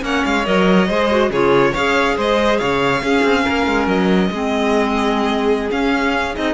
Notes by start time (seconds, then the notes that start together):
0.00 A#3 C#4 C#5 F#5
0.25 G#3 F5
0.45 F#3 A#4 D#5
0.87 G#3 G#4 C5
1.10 F#4
1.30 C#3 F4 G#4 C#5
1.71 C#4 G#4 C#5 F5
2.17 G#3 C5 D#5
2.58 C#3 C#5 F5
3.02 C#4 G#4
3.23 C4
3.44 A#3 A#4
3.66 G#3
3.87 F#3 D#5
4.30 G#3 C4 G#4
5.71 C#4 F5
6.34 C4 D#4 D#5